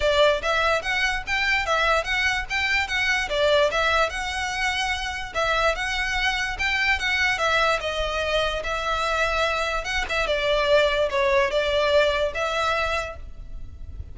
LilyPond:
\new Staff \with { instrumentName = "violin" } { \time 4/4 \tempo 4 = 146 d''4 e''4 fis''4 g''4 | e''4 fis''4 g''4 fis''4 | d''4 e''4 fis''2~ | fis''4 e''4 fis''2 |
g''4 fis''4 e''4 dis''4~ | dis''4 e''2. | fis''8 e''8 d''2 cis''4 | d''2 e''2 | }